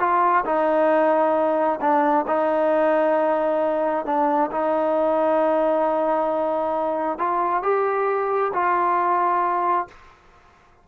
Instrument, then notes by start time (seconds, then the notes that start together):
trombone
0.00 F4
0.46 D#4
1.81 D4
2.27 D#4
4.06 D4
4.51 D#4
7.19 F4
7.63 G4
8.54 F4